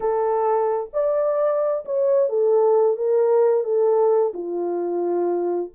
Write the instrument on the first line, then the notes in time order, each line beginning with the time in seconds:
horn
0.00 A4
0.93 D5
1.85 C#5
2.29 A4
2.96 A#4
3.64 A4
4.33 F4